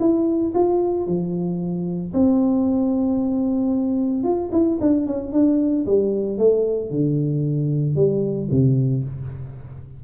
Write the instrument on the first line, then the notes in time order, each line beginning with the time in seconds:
tuba
0.00 E4
0.54 F4
1.06 F3
2.14 C4
4.24 F4
4.52 E4
4.81 D4
5.06 C#4
5.32 D4
5.86 G3
6.38 A3
6.90 D3
7.95 G3
8.51 C3